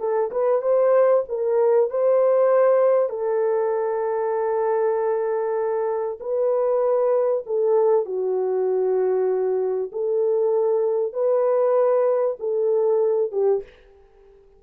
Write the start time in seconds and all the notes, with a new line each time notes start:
0.00 A4
0.31 B4
0.62 C5
1.29 A#4
1.90 C5
3.10 A4
6.21 B4
7.46 A4
8.06 F#4
9.93 A4
11.13 B4
12.40 A4
13.32 G4